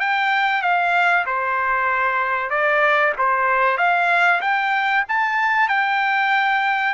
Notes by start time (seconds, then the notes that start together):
0.00 G5
0.62 F5
1.26 C5
2.50 D5
3.18 C5
3.77 F5
4.41 G5
5.08 A5
5.68 G5